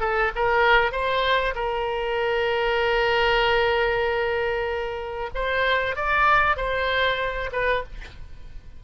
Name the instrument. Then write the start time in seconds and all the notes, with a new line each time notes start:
oboe
0.00 A4
0.35 A#4
0.91 C5
1.55 A#4
5.34 C5
5.95 D5
6.56 C5
7.52 B4